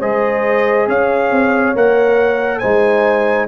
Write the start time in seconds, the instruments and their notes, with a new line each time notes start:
0.00 tuba G#3, trombone G#4, horn C5, trumpet D#5
0.87 tuba C#4, horn C#5, trumpet F5
1.31 tuba C4
1.75 tuba A#3, trombone A#4, trumpet F#5
2.59 tuba G#3, trombone D#4, horn C5, trumpet G#5